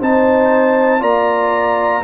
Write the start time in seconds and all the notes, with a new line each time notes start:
0.00 C4 D#4 C5 A5
1.00 A#3 F4 D5 A#5